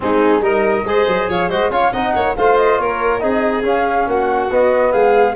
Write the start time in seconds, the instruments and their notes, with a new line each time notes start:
0.00 tuba G#3, trombone C4, violin D#4, flute G#4
0.40 tuba G3, trombone D#4, violin A#4, flute D#5
0.83 tuba G#3, trombone G#4, violin C5
1.07 tuba F#3
1.28 tuba F3, violin C#5, flute F5
1.48 tuba G#3, trombone F#4, violin C5, flute D#5
1.69 tuba C#4, trombone F4, violin C#5, flute F5
1.92 tuba C4, trombone D#4, violin D#5, flute F#5
2.15 tuba A#3, violin C#5
2.35 tuba A3, trombone F4, violin C5, flute F5
2.57 flute D#5
2.78 tuba A#3, violin A#4, flute C#5
3.19 tuba C4, trombone D#4, violin G#4, flute D#5
3.62 tuba C#4, trombone C#4, flute F5
4.07 tuba A#3, violin F#4, flute F#5
4.50 tuba B3, trombone B3, flute D#5
4.92 tuba G#3, violin G#4, flute F5